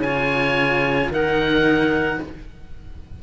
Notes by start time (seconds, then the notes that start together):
0.00 C#3 F4 C#5 G#5
1.09 D#3 D#4 A#4 F#5